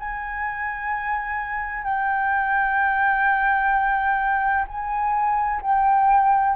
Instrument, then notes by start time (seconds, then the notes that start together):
flute
0.00 G#5
1.85 G5
4.68 G#5
5.62 G5